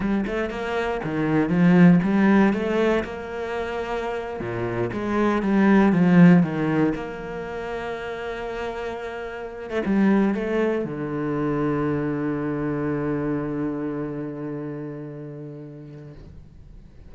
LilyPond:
\new Staff \with { instrumentName = "cello" } { \time 4/4 \tempo 4 = 119 g8 a8 ais4 dis4 f4 | g4 a4 ais2~ | ais8. ais,4 gis4 g4 f16~ | f8. dis4 ais2~ ais16~ |
ais2.~ ais16 a16 g8~ | g8 a4 d2~ d8~ | d1~ | d1 | }